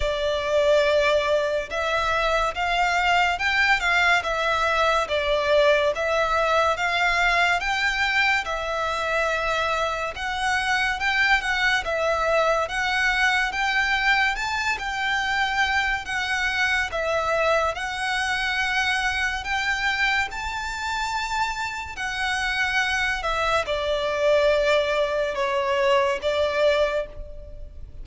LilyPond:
\new Staff \with { instrumentName = "violin" } { \time 4/4 \tempo 4 = 71 d''2 e''4 f''4 | g''8 f''8 e''4 d''4 e''4 | f''4 g''4 e''2 | fis''4 g''8 fis''8 e''4 fis''4 |
g''4 a''8 g''4. fis''4 | e''4 fis''2 g''4 | a''2 fis''4. e''8 | d''2 cis''4 d''4 | }